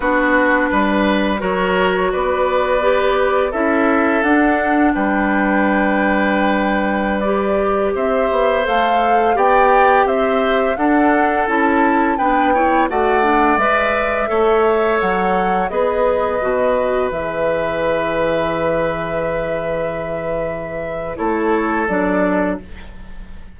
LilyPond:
<<
  \new Staff \with { instrumentName = "flute" } { \time 4/4 \tempo 4 = 85 b'2 cis''4 d''4~ | d''4 e''4 fis''4 g''4~ | g''2~ g''16 d''4 e''8.~ | e''16 f''4 g''4 e''4 fis''8.~ |
fis''16 a''4 g''4 fis''4 e''8.~ | e''4~ e''16 fis''4 dis''4.~ dis''16~ | dis''16 e''2.~ e''8.~ | e''2 cis''4 d''4 | }
  \new Staff \with { instrumentName = "oboe" } { \time 4/4 fis'4 b'4 ais'4 b'4~ | b'4 a'2 b'4~ | b'2.~ b'16 c''8.~ | c''4~ c''16 d''4 c''4 a'8.~ |
a'4~ a'16 b'8 cis''8 d''4.~ d''16~ | d''16 cis''2 b'4.~ b'16~ | b'1~ | b'2 a'2 | }
  \new Staff \with { instrumentName = "clarinet" } { \time 4/4 d'2 fis'2 | g'4 e'4 d'2~ | d'2~ d'16 g'4.~ g'16~ | g'16 a'4 g'2 d'8.~ |
d'16 e'4 d'8 e'8 fis'8 d'8 b'8.~ | b'16 a'2 gis'4 fis'8.~ | fis'16 gis'2.~ gis'8.~ | gis'2 e'4 d'4 | }
  \new Staff \with { instrumentName = "bassoon" } { \time 4/4 b4 g4 fis4 b4~ | b4 cis'4 d'4 g4~ | g2.~ g16 c'8 b16~ | b16 a4 b4 c'4 d'8.~ |
d'16 cis'4 b4 a4 gis8.~ | gis16 a4 fis4 b4 b,8.~ | b,16 e2.~ e8.~ | e2 a4 fis4 | }
>>